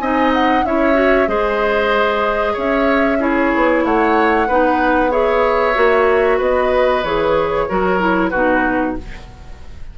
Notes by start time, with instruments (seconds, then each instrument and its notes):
0.00 bassoon C4, clarinet D#4, oboe D#5, flute G#5
0.34 flute F#5
0.66 bassoon C#4, clarinet E4, oboe C#5, flute E5
0.94 clarinet F#4
1.27 bassoon G#3, clarinet G#4, oboe C5, flute D#5
2.54 bassoon C#4, oboe C#5, flute E5
3.20 clarinet E4, oboe G#4, flute C#5
3.55 bassoon B3
3.85 bassoon A3, oboe C#5, flute F#5
4.48 bassoon B3, clarinet D#4, oboe B4
5.11 clarinet G#4, oboe C#5, flute E5
5.74 bassoon A#3, clarinet F#4
6.38 bassoon B3, oboe B4, flute D#5
7.04 bassoon E3, clarinet G#4, flute C#5
7.69 bassoon F#3, clarinet F#4, oboe A#4
8.00 clarinet E4
8.30 bassoon B2, clarinet D#4, oboe F#4, flute B4